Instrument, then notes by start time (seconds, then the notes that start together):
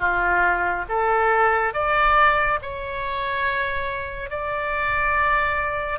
oboe
0.00 F4
0.89 A4
1.74 D5
2.62 C#5
4.31 D5